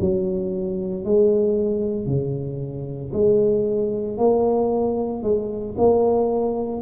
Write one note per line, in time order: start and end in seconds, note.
0.00 1.04 F#3
1.04 2.06 G#3
2.06 3.11 C#3
3.13 4.17 G#3
4.17 5.22 A#3
5.22 5.75 G#3
5.78 6.81 A#3